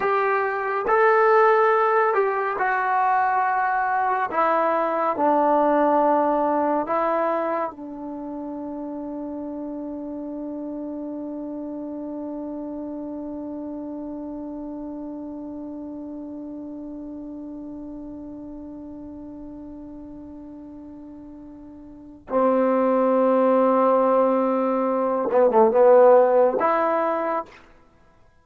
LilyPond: \new Staff \with { instrumentName = "trombone" } { \time 4/4 \tempo 4 = 70 g'4 a'4. g'8 fis'4~ | fis'4 e'4 d'2 | e'4 d'2.~ | d'1~ |
d'1~ | d'1~ | d'2 c'2~ | c'4. b16 a16 b4 e'4 | }